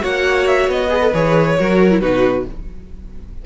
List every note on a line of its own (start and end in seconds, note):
0.00 0.68 A#3
0.00 0.88 F#4
0.00 0.90 C#5
0.00 0.47 F#5
0.47 0.69 E5
0.68 1.12 B3
0.68 1.13 D#5
0.89 1.00 G#4
0.89 1.58 B4
1.01 1.12 A4
1.13 1.57 E3
1.13 1.58 G#4
1.13 2.00 C#5
1.58 2.01 F#3
1.58 1.90 F#4
1.58 2.01 A#4
1.90 2.01 E4
2.00 2.45 B2
2.00 2.45 D#4
2.00 2.45 F#4
2.00 2.44 B4